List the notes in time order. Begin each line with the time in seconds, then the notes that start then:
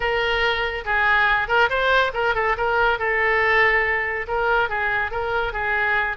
0.00 A#4
0.85 G#4
1.47 A#4
1.69 C5
2.13 A#4
2.35 A4
2.57 A#4
2.98 A4
4.27 A#4
4.69 G#4
5.11 A#4
5.52 G#4